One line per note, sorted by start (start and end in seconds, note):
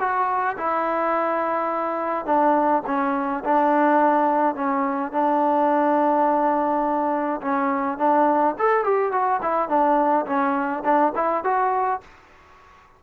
0.00 0.57 F#4
0.58 2.26 E4
2.26 2.83 D4
2.87 3.44 C#4
3.45 4.56 D4
4.56 5.12 C#4
5.12 7.41 D4
7.42 7.99 C#4
7.99 8.56 D4
8.59 8.84 A4
8.84 9.12 G4
9.12 9.41 F#4
9.43 9.69 E4
9.69 10.26 D4
10.26 10.84 C#4
10.85 11.14 D4
11.16 11.44 E4
11.44 12.02 F#4